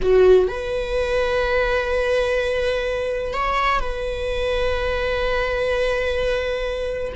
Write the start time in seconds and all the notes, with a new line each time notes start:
0.01 F#4
0.47 B4
3.33 C#5
3.80 B4